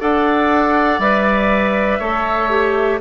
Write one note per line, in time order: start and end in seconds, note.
0.00 0.99 D4
0.00 1.00 A4
0.00 1.99 D5
0.00 1.00 F#5
0.99 1.99 G3
0.99 2.01 B4
0.99 3.00 E5
1.99 3.00 A3
1.99 2.50 A4
1.99 2.99 C#5
2.50 3.00 G4